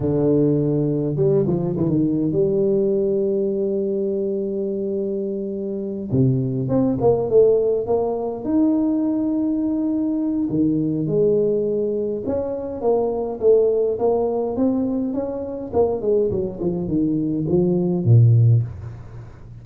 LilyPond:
\new Staff \with { instrumentName = "tuba" } { \time 4/4 \tempo 4 = 103 d2 g8 f8 e16 dis8. | g1~ | g2~ g8 c4 c'8 | ais8 a4 ais4 dis'4.~ |
dis'2 dis4 gis4~ | gis4 cis'4 ais4 a4 | ais4 c'4 cis'4 ais8 gis8 | fis8 f8 dis4 f4 ais,4 | }